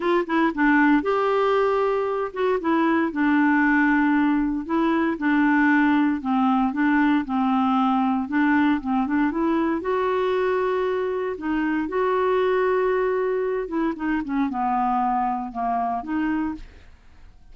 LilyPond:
\new Staff \with { instrumentName = "clarinet" } { \time 4/4 \tempo 4 = 116 f'8 e'8 d'4 g'2~ | g'8 fis'8 e'4 d'2~ | d'4 e'4 d'2 | c'4 d'4 c'2 |
d'4 c'8 d'8 e'4 fis'4~ | fis'2 dis'4 fis'4~ | fis'2~ fis'8 e'8 dis'8 cis'8 | b2 ais4 dis'4 | }